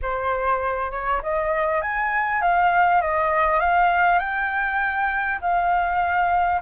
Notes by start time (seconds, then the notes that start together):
0.02 C5
0.91 C#5
1.22 D#5
1.81 G#5
2.41 F5
3.01 D#5
3.59 F5
4.19 G5
5.41 F5